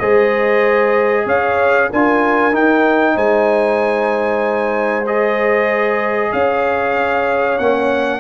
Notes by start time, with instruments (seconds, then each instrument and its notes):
0.00 tuba G#3, trombone G#4, horn C5, trumpet D#5
1.26 tuba C#4, horn C#5, trumpet F5
1.90 tuba D4, trombone F4, horn A#4, trumpet G#5
2.52 trombone D#4, tuba D#4, trumpet G5
3.15 tuba G#3, horn C5, trumpet G#5
5.07 trombone G#4, trumpet D#5
6.31 tuba C#4, horn C#5, trumpet F5
7.59 tuba A#3, trombone C#4, trumpet F#5